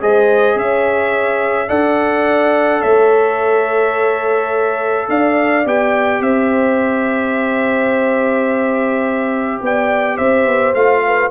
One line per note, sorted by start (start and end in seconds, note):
0.00 0.55 G#3
0.00 1.68 G#4
0.00 0.56 C5
0.00 0.58 D#5
0.55 1.68 C#4
0.55 1.68 C#5
0.55 1.69 E5
1.68 2.82 D4
1.68 5.64 A4
1.68 2.81 D5
1.68 2.82 F#5
2.81 5.08 A3
2.81 5.07 C#5
2.81 5.08 E5
5.08 5.65 D4
5.08 6.22 D5
5.08 5.66 F5
5.65 6.20 B3
5.65 10.75 G4
5.65 6.22 G5
6.20 9.60 C4
6.20 9.63 C5
6.20 9.62 E5
9.61 10.18 B3
9.61 10.16 D5
9.61 10.17 G5
10.16 10.46 C4
10.16 11.01 C5
10.16 10.73 E5
10.46 10.74 B3
10.74 11.30 A3
10.74 11.31 F4
10.74 11.31 F5
11.06 11.31 B4